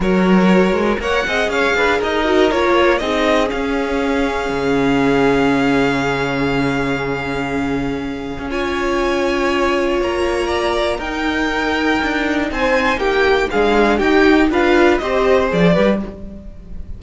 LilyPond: <<
  \new Staff \with { instrumentName = "violin" } { \time 4/4 \tempo 4 = 120 cis''2 fis''4 f''4 | dis''4 cis''4 dis''4 f''4~ | f''1~ | f''1~ |
f''4 gis''2. | ais''2 g''2~ | g''4 gis''4 g''4 f''4 | g''4 f''4 dis''4 d''4 | }
  \new Staff \with { instrumentName = "violin" } { \time 4/4 ais'2 cis''8 dis''8 cis''8 b'8 | ais'2 gis'2~ | gis'1~ | gis'1~ |
gis'4 cis''2.~ | cis''4 d''4 ais'2~ | ais'4 c''4 g'4 gis'4 | g'4 b'4 c''4. b'8 | }
  \new Staff \with { instrumentName = "viola" } { \time 4/4 fis'2 ais'8 gis'4.~ | gis'8 fis'8 f'4 dis'4 cis'4~ | cis'1~ | cis'1~ |
cis'4 f'2.~ | f'2 dis'2~ | dis'2. d'4 | dis'4 f'4 g'4 gis'8 g'8 | }
  \new Staff \with { instrumentName = "cello" } { \time 4/4 fis4. gis8 ais8 c'8 cis'8 d'8 | dis'4 ais4 c'4 cis'4~ | cis'4 cis2.~ | cis1~ |
cis8. cis'2.~ cis'16 | ais2 dis'2 | d'4 c'4 ais4 gis4 | dis'4 d'4 c'4 f8 g8 | }
>>